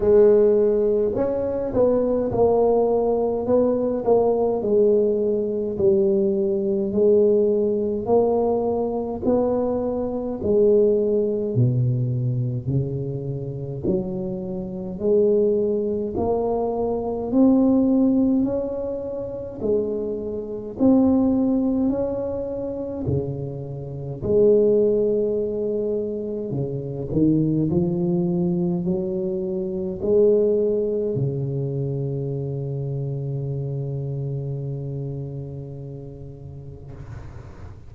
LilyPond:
\new Staff \with { instrumentName = "tuba" } { \time 4/4 \tempo 4 = 52 gis4 cis'8 b8 ais4 b8 ais8 | gis4 g4 gis4 ais4 | b4 gis4 b,4 cis4 | fis4 gis4 ais4 c'4 |
cis'4 gis4 c'4 cis'4 | cis4 gis2 cis8 dis8 | f4 fis4 gis4 cis4~ | cis1 | }